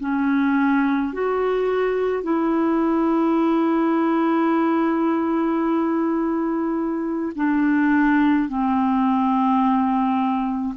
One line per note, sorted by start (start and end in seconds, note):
0.00 1.13 C#4
1.13 2.23 F#4
2.23 7.33 E4
7.36 8.49 D4
8.49 10.75 C4